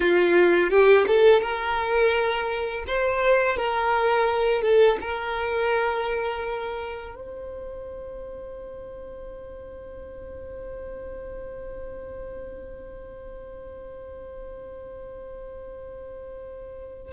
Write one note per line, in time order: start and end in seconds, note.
0.00 0.69 F4
0.69 1.05 G4
1.07 1.41 A4
1.41 2.84 A#4
2.87 3.56 C5
3.56 4.62 A#4
4.62 4.97 A4
5.00 7.15 A#4
7.15 17.12 C5